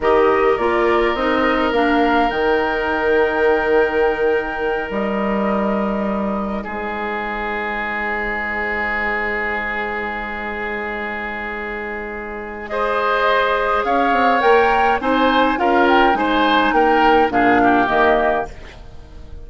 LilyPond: <<
  \new Staff \with { instrumentName = "flute" } { \time 4/4 \tempo 4 = 104 dis''4 d''4 dis''4 f''4 | g''1~ | g''8 dis''2. c''8~ | c''1~ |
c''1~ | c''2 dis''2 | f''4 g''4 gis''4 f''8 g''8 | gis''4 g''4 f''4 dis''4 | }
  \new Staff \with { instrumentName = "oboe" } { \time 4/4 ais'1~ | ais'1~ | ais'2.~ ais'8 gis'8~ | gis'1~ |
gis'1~ | gis'2 c''2 | cis''2 c''4 ais'4 | c''4 ais'4 gis'8 g'4. | }
  \new Staff \with { instrumentName = "clarinet" } { \time 4/4 g'4 f'4 dis'4 d'4 | dis'1~ | dis'1~ | dis'1~ |
dis'1~ | dis'2 gis'2~ | gis'4 ais'4 dis'4 f'4 | dis'2 d'4 ais4 | }
  \new Staff \with { instrumentName = "bassoon" } { \time 4/4 dis4 ais4 c'4 ais4 | dis1~ | dis8 g2. gis8~ | gis1~ |
gis1~ | gis1 | cis'8 c'8 ais4 c'4 cis'4 | gis4 ais4 ais,4 dis4 | }
>>